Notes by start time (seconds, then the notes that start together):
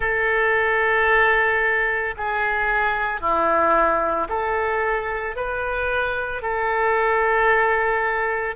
0.00 A4
2.17 G#4
3.20 E4
4.29 A4
5.36 B4
6.42 A4